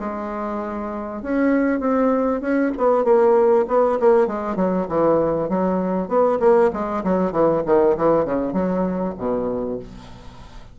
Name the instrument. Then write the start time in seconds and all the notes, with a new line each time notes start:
bassoon
0.00 G#3
1.22 C#4
1.80 C4
2.41 C#4
2.77 B3
3.04 A#3
3.68 B3
4.00 A#3
4.27 G#3
4.56 F#3
4.89 E3
5.49 F#3
6.08 B3
6.40 A#3
6.73 G#3
7.04 F#3
7.32 E3
7.66 D#3
7.97 E3
8.25 C#3
8.53 F#3
9.18 B2